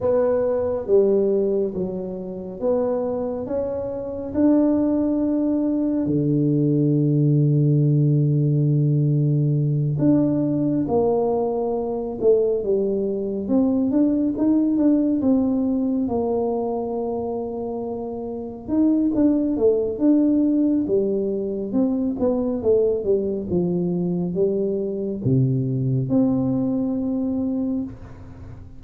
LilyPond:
\new Staff \with { instrumentName = "tuba" } { \time 4/4 \tempo 4 = 69 b4 g4 fis4 b4 | cis'4 d'2 d4~ | d2.~ d8 d'8~ | d'8 ais4. a8 g4 c'8 |
d'8 dis'8 d'8 c'4 ais4.~ | ais4. dis'8 d'8 a8 d'4 | g4 c'8 b8 a8 g8 f4 | g4 c4 c'2 | }